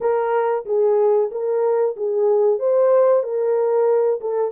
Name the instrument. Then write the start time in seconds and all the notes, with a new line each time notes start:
horn
0.00 A#4
0.65 G#4
1.31 A#4
1.96 G#4
2.59 C5
3.23 A#4
4.21 A4